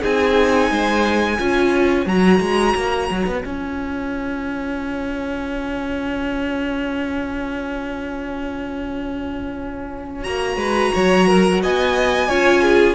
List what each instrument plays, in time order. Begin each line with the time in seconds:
0.00 cello C4, viola D#4, violin G#4 G#5
0.71 cello G#3, violin C5
1.37 cello C#4, viola F4, violin C#5
2.06 cello F#3, viola F#4, violin A#5
2.40 cello G#3
2.75 cello A#3
3.11 cello F#3
3.27 cello B3
3.43 cello C#4, viola F4, violin G#5
10.24 cello A#3, viola F#4, violin A#5
10.56 cello G#3, violin B4
10.94 cello F#3, violin C#5
11.28 violin A#4
11.63 cello B3, violin D#5 G#5
12.29 cello C#4, viola F4, violin C#5
12.62 violin G#4